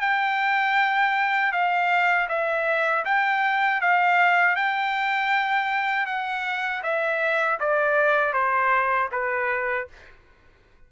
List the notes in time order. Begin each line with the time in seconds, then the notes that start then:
0.00 G5
1.52 F5
2.28 E5
3.04 G5
3.81 F5
4.55 G5
6.06 F#5
6.83 E5
7.59 D5
8.33 C5
9.11 B4